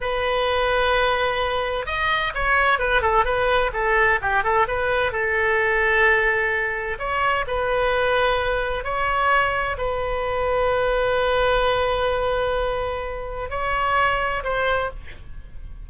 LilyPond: \new Staff \with { instrumentName = "oboe" } { \time 4/4 \tempo 4 = 129 b'1 | dis''4 cis''4 b'8 a'8 b'4 | a'4 g'8 a'8 b'4 a'4~ | a'2. cis''4 |
b'2. cis''4~ | cis''4 b'2.~ | b'1~ | b'4 cis''2 c''4 | }